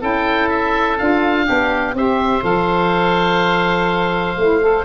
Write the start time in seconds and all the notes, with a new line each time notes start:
0.00 C#4 E4 A4 G5
0.49 E5
0.98 D4 F4 F5
1.45 B3 D4 G4
1.94 C4 G4 C5 E5
2.42 F3 A4 F5
4.37 A3 E4
4.61 A4